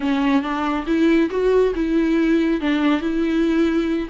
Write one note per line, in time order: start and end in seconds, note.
0.00 0.42 C#4
0.42 0.85 D4
0.86 1.29 E4
1.30 1.73 F#4
1.75 2.61 E4
2.61 3.00 D4
3.00 4.08 E4